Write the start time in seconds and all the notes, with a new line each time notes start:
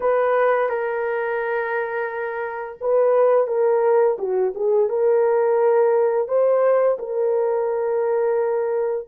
0.00 B4
0.68 A#4
2.80 B4
3.47 A#4
4.18 F#4
4.54 G#4
4.89 A#4
6.28 C5
6.98 A#4